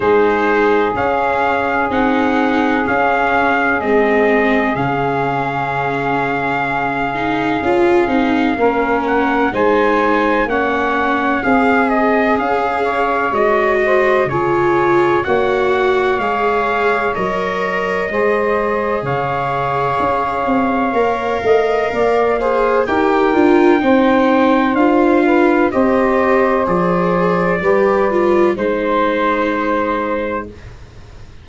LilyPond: <<
  \new Staff \with { instrumentName = "trumpet" } { \time 4/4 \tempo 4 = 63 c''4 f''4 fis''4 f''4 | dis''4 f''2.~ | f''4. fis''8 gis''4 fis''4 | f''8 dis''8 f''4 dis''4 cis''4 |
fis''4 f''4 dis''2 | f''1 | g''2 f''4 dis''4 | d''2 c''2 | }
  \new Staff \with { instrumentName = "saxophone" } { \time 4/4 gis'1~ | gis'1~ | gis'4 ais'4 c''4 cis''4 | gis'4. cis''4 c''8 gis'4 |
cis''2. c''4 | cis''2~ cis''8 dis''8 d''8 c''8 | ais'4 c''4. b'8 c''4~ | c''4 b'4 c''2 | }
  \new Staff \with { instrumentName = "viola" } { \time 4/4 dis'4 cis'4 dis'4 cis'4 | c'4 cis'2~ cis'8 dis'8 | f'8 dis'8 cis'4 dis'4 cis'4 | gis'2 fis'4 f'4 |
fis'4 gis'4 ais'4 gis'4~ | gis'2 ais'4. gis'8 | g'8 f'8 dis'4 f'4 g'4 | gis'4 g'8 f'8 dis'2 | }
  \new Staff \with { instrumentName = "tuba" } { \time 4/4 gis4 cis'4 c'4 cis'4 | gis4 cis2. | cis'8 c'8 ais4 gis4 ais4 | c'4 cis'4 gis4 cis4 |
ais4 gis4 fis4 gis4 | cis4 cis'8 c'8 ais8 a8 ais4 | dis'8 d'8 c'4 d'4 c'4 | f4 g4 gis2 | }
>>